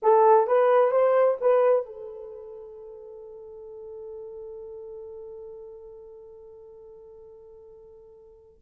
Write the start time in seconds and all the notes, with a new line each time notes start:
0.02 A4
0.47 B4
0.91 C5
1.40 B4
1.85 A4